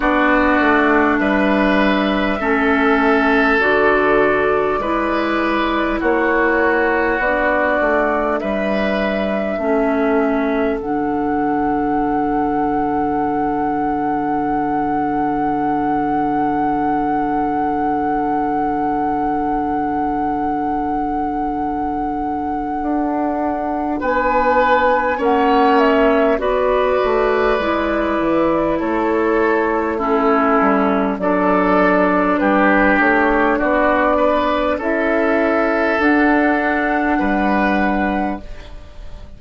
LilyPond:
<<
  \new Staff \with { instrumentName = "flute" } { \time 4/4 \tempo 4 = 50 d''4 e''2 d''4~ | d''4 cis''4 d''4 e''4~ | e''4 fis''2.~ | fis''1~ |
fis''1 | gis''4 fis''8 e''8 d''2 | cis''4 a'4 d''4 b'8 cis''8 | d''4 e''4 fis''2 | }
  \new Staff \with { instrumentName = "oboe" } { \time 4/4 fis'4 b'4 a'2 | b'4 fis'2 b'4 | a'1~ | a'1~ |
a'1 | b'4 cis''4 b'2 | a'4 e'4 a'4 g'4 | fis'8 b'8 a'2 b'4 | }
  \new Staff \with { instrumentName = "clarinet" } { \time 4/4 d'2 cis'4 fis'4 | e'2 d'2 | cis'4 d'2.~ | d'1~ |
d'1~ | d'4 cis'4 fis'4 e'4~ | e'4 cis'4 d'2~ | d'4 e'4 d'2 | }
  \new Staff \with { instrumentName = "bassoon" } { \time 4/4 b8 a8 g4 a4 d4 | gis4 ais4 b8 a8 g4 | a4 d2.~ | d1~ |
d2. d'4 | b4 ais4 b8 a8 gis8 e8 | a4. g8 fis4 g8 a8 | b4 cis'4 d'4 g4 | }
>>